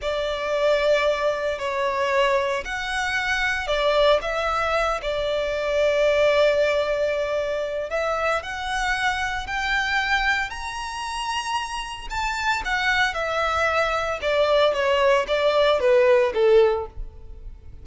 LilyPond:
\new Staff \with { instrumentName = "violin" } { \time 4/4 \tempo 4 = 114 d''2. cis''4~ | cis''4 fis''2 d''4 | e''4. d''2~ d''8~ | d''2. e''4 |
fis''2 g''2 | ais''2. a''4 | fis''4 e''2 d''4 | cis''4 d''4 b'4 a'4 | }